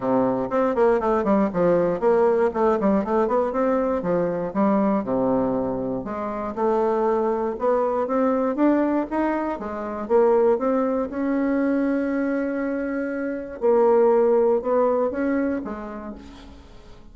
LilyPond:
\new Staff \with { instrumentName = "bassoon" } { \time 4/4 \tempo 4 = 119 c4 c'8 ais8 a8 g8 f4 | ais4 a8 g8 a8 b8 c'4 | f4 g4 c2 | gis4 a2 b4 |
c'4 d'4 dis'4 gis4 | ais4 c'4 cis'2~ | cis'2. ais4~ | ais4 b4 cis'4 gis4 | }